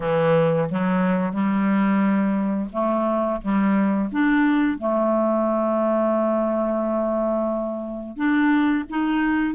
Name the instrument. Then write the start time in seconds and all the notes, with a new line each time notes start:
clarinet
0.00 E3
0.69 F#3
1.32 G3
2.72 A3
3.41 G3
4.12 D4
4.77 A3
8.16 D4
8.89 D#4